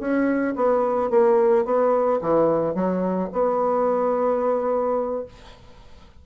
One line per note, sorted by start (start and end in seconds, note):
0.00 0.55 C#4
0.56 1.11 B3
1.11 1.65 A#3
1.65 2.20 B3
2.22 2.75 E3
2.75 3.30 F#3
3.33 5.26 B3